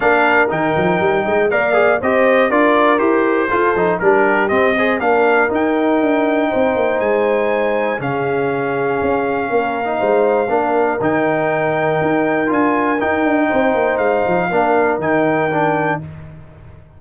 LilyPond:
<<
  \new Staff \with { instrumentName = "trumpet" } { \time 4/4 \tempo 4 = 120 f''4 g''2 f''4 | dis''4 d''4 c''2 | ais'4 dis''4 f''4 g''4~ | g''2 gis''2 |
f''1~ | f''2 g''2~ | g''4 gis''4 g''2 | f''2 g''2 | }
  \new Staff \with { instrumentName = "horn" } { \time 4/4 ais'2~ ais'8 dis''8 d''4 | c''4 ais'2 a'4 | g'4. c''8 ais'2~ | ais'4 c''2. |
gis'2. ais'4 | c''4 ais'2.~ | ais'2. c''4~ | c''4 ais'2. | }
  \new Staff \with { instrumentName = "trombone" } { \time 4/4 d'4 dis'2 ais'8 gis'8 | g'4 f'4 g'4 f'8 dis'8 | d'4 c'8 gis'8 d'4 dis'4~ | dis'1 |
cis'2.~ cis'8. dis'16~ | dis'4 d'4 dis'2~ | dis'4 f'4 dis'2~ | dis'4 d'4 dis'4 d'4 | }
  \new Staff \with { instrumentName = "tuba" } { \time 4/4 ais4 dis8 f8 g8 gis8 ais4 | c'4 d'4 e'4 f'8 f8 | g4 c'4 ais4 dis'4 | d'4 c'8 ais8 gis2 |
cis2 cis'4 ais4 | gis4 ais4 dis2 | dis'4 d'4 dis'8 d'8 c'8 ais8 | gis8 f8 ais4 dis2 | }
>>